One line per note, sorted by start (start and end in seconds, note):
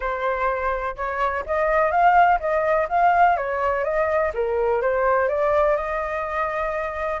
0.00 0.96 C5
0.96 1.44 C#5
1.46 1.91 D#5
1.91 2.39 F5
2.40 2.88 D#5
2.88 3.36 F5
3.36 3.84 C#5
3.84 4.32 D#5
4.34 4.81 A#4
4.81 5.28 C5
5.28 5.76 D5
5.76 7.20 D#5